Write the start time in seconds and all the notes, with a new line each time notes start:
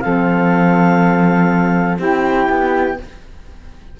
0.00 F3 C4 A4 F5
1.98 C4 E4 G4 G5
2.49 B3